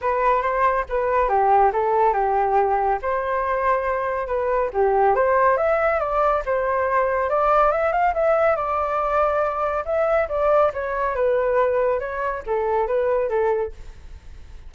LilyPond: \new Staff \with { instrumentName = "flute" } { \time 4/4 \tempo 4 = 140 b'4 c''4 b'4 g'4 | a'4 g'2 c''4~ | c''2 b'4 g'4 | c''4 e''4 d''4 c''4~ |
c''4 d''4 e''8 f''8 e''4 | d''2. e''4 | d''4 cis''4 b'2 | cis''4 a'4 b'4 a'4 | }